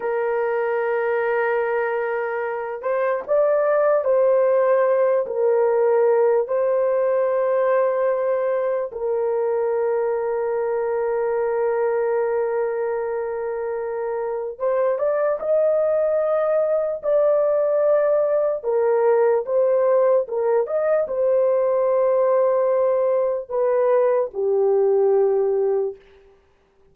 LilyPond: \new Staff \with { instrumentName = "horn" } { \time 4/4 \tempo 4 = 74 ais'2.~ ais'8 c''8 | d''4 c''4. ais'4. | c''2. ais'4~ | ais'1~ |
ais'2 c''8 d''8 dis''4~ | dis''4 d''2 ais'4 | c''4 ais'8 dis''8 c''2~ | c''4 b'4 g'2 | }